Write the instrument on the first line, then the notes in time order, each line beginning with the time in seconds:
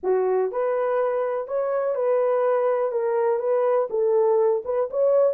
horn
0.03 F#4
0.51 B4
1.47 C#5
1.95 B4
2.91 A#4
3.39 B4
3.89 A4
4.64 B4
4.90 C#5